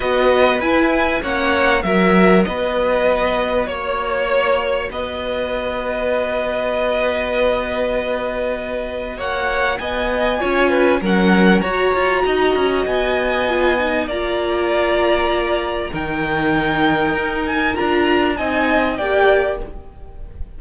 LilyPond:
<<
  \new Staff \with { instrumentName = "violin" } { \time 4/4 \tempo 4 = 98 dis''4 gis''4 fis''4 e''4 | dis''2 cis''2 | dis''1~ | dis''2. fis''4 |
gis''2 fis''4 ais''4~ | ais''4 gis''2 ais''4~ | ais''2 g''2~ | g''8 gis''8 ais''4 gis''4 g''4 | }
  \new Staff \with { instrumentName = "violin" } { \time 4/4 b'2 cis''4 ais'4 | b'2 cis''2 | b'1~ | b'2. cis''4 |
dis''4 cis''8 b'8 ais'4 cis''4 | dis''2. d''4~ | d''2 ais'2~ | ais'2 dis''4 d''4 | }
  \new Staff \with { instrumentName = "viola" } { \time 4/4 fis'4 e'4 cis'4 fis'4~ | fis'1~ | fis'1~ | fis'1~ |
fis'4 f'4 cis'4 fis'4~ | fis'2 f'8 dis'8 f'4~ | f'2 dis'2~ | dis'4 f'4 dis'4 g'4 | }
  \new Staff \with { instrumentName = "cello" } { \time 4/4 b4 e'4 ais4 fis4 | b2 ais2 | b1~ | b2. ais4 |
b4 cis'4 fis4 fis'8 f'8 | dis'8 cis'8 b2 ais4~ | ais2 dis2 | dis'4 d'4 c'4 ais4 | }
>>